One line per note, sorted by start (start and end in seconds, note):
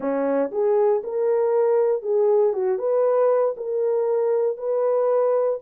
0.00 0.50 C#4
0.51 1.02 G#4
1.03 2.02 A#4
2.02 2.53 G#4
2.53 2.78 F#4
2.78 3.55 B4
3.56 4.57 A#4
4.57 5.58 B4